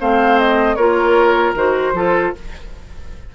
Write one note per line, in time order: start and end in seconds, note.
0.00 0.77 A3
0.00 0.78 C4
0.00 0.76 C5
0.00 0.39 F5
0.39 0.76 D#5
0.76 1.54 A#3
0.76 1.56 F4
0.76 1.93 A#4
0.76 1.54 C#5
1.54 1.93 D#3
1.54 1.95 F#4
1.54 2.35 C5
1.93 2.32 F3
1.93 2.34 F4
1.93 2.34 A4